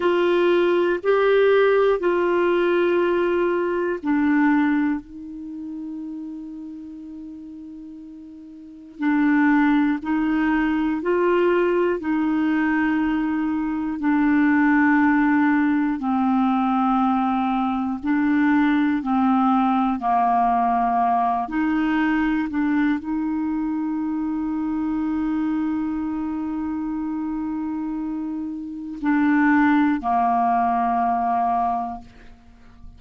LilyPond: \new Staff \with { instrumentName = "clarinet" } { \time 4/4 \tempo 4 = 60 f'4 g'4 f'2 | d'4 dis'2.~ | dis'4 d'4 dis'4 f'4 | dis'2 d'2 |
c'2 d'4 c'4 | ais4. dis'4 d'8 dis'4~ | dis'1~ | dis'4 d'4 ais2 | }